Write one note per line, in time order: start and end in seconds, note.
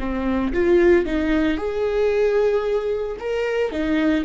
0.00 0.53 C4
0.54 1.06 F4
1.06 1.58 D#4
1.58 3.17 G#4
3.20 3.72 A#4
3.72 4.25 D#4